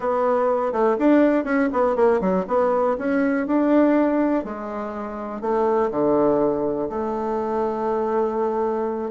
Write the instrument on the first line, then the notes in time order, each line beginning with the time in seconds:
bassoon
0.00 B3
0.72 A3
0.98 D4
1.44 C#4
1.72 B3
1.95 A#3
2.20 F#3
2.47 B3
2.98 C#4
3.46 D4
4.44 G#3
5.41 A3
5.91 D3
6.89 A3